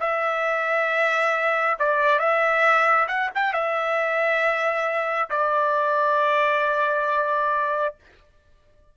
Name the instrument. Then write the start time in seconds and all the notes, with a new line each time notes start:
trumpet
0.00 E5
1.79 D5
2.19 E5
3.08 F#5
3.35 G5
3.53 E5
5.30 D5